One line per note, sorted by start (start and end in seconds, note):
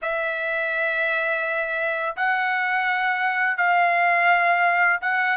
0.02 2.16 E5
2.16 3.57 F#5
3.57 5.00 F5
5.01 5.37 F#5